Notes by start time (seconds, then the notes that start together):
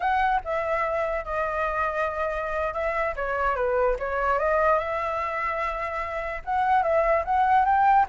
0.00 F#5
0.44 E5
1.24 D#5
2.73 E5
3.16 C#5
3.55 B4
3.99 C#5
4.38 D#5
4.78 E5
6.45 F#5
6.82 E5
7.24 F#5
7.65 G5